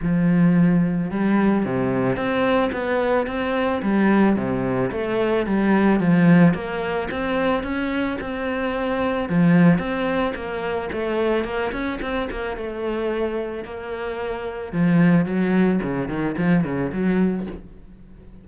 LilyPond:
\new Staff \with { instrumentName = "cello" } { \time 4/4 \tempo 4 = 110 f2 g4 c4 | c'4 b4 c'4 g4 | c4 a4 g4 f4 | ais4 c'4 cis'4 c'4~ |
c'4 f4 c'4 ais4 | a4 ais8 cis'8 c'8 ais8 a4~ | a4 ais2 f4 | fis4 cis8 dis8 f8 cis8 fis4 | }